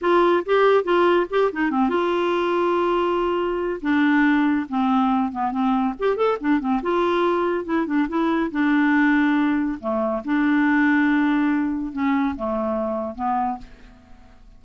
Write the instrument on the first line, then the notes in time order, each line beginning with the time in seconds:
clarinet
0.01 F4
0.45 G4
0.84 F4
1.30 G4
1.52 D#4
1.70 C4
1.89 F4
3.81 D4
4.68 C4
5.32 B3
5.51 C4
5.99 G4
6.16 A4
6.40 D4
6.60 C4
6.82 F4
7.65 E4
7.86 D4
8.08 E4
8.51 D4
9.80 A3
10.24 D4
11.92 C#4
12.36 A3
13.15 B3